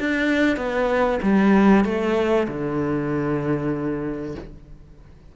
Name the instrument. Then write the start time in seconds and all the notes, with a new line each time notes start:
cello
0.00 D4
0.57 B3
1.22 G3
1.85 A3
2.48 D3